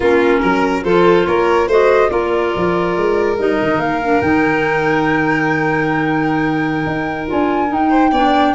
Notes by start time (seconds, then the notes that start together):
0.00 A#3 C#4 F4 A#4
0.41 F#3 A#4
0.84 F3 F4 A4 C5
1.26 A#3 A#4 C#5
1.67 A3 F#4 C5 D#5
2.09 A#3 F4 A#4 D5
2.55 F3
2.96 G#3
3.38 G3 D#4 D#5
3.62 D#3
3.77 A#3 F5
4.02 D4
4.21 D#3 D#4 G5
6.86 D#4
7.27 D4 F4 G#5
7.67 D#4 G5
7.89 C5
8.11 B3 D4 D5